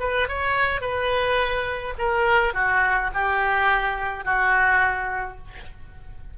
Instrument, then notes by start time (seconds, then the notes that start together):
oboe
0.00 B4
0.28 C#5
0.81 B4
1.98 A#4
2.54 F#4
3.14 G4
4.25 F#4